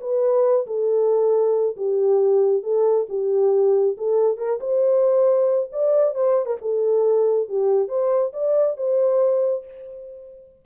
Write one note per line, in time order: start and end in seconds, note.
0.00 0.66 B4
0.66 1.76 A4
1.76 2.63 G4
2.63 3.07 A4
3.09 3.96 G4
3.97 4.37 A4
4.37 4.59 A#4
4.60 5.69 C5
5.72 6.14 D5
6.14 6.45 C5
6.45 6.56 A#4
6.61 7.49 A4
7.49 7.88 G4
7.88 8.32 C5
8.33 8.77 D5
8.77 9.64 C5